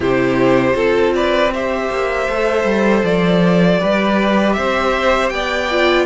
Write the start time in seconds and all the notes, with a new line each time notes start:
0.00 C3 E4 G4 C5
0.73 C4 F4 A4
1.14 B4 D5
1.53 G4 C5 E5
1.90 A#3
2.29 A3 A4
2.64 G3
3.04 F3 D5
3.79 G3 G4 B4
4.53 C4 C5 E5
5.29 B3 D5 G5
5.71 F4